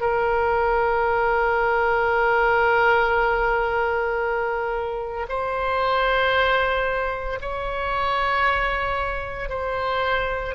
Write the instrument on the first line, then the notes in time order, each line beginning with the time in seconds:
oboe
0.00 A#4
5.29 C5
7.41 C#5
9.49 C5